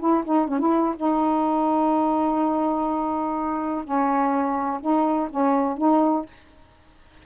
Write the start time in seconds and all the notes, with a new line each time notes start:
0.00 E4
0.25 D#4
0.48 C#4
0.60 E4
0.97 D#4
3.85 C#4
4.81 D#4
5.30 C#4
5.78 D#4